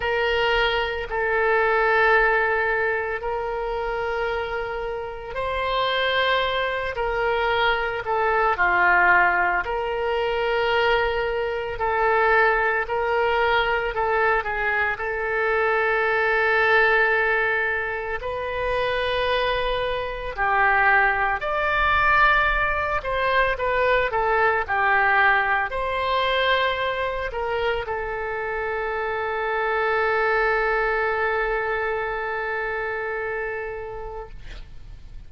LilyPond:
\new Staff \with { instrumentName = "oboe" } { \time 4/4 \tempo 4 = 56 ais'4 a'2 ais'4~ | ais'4 c''4. ais'4 a'8 | f'4 ais'2 a'4 | ais'4 a'8 gis'8 a'2~ |
a'4 b'2 g'4 | d''4. c''8 b'8 a'8 g'4 | c''4. ais'8 a'2~ | a'1 | }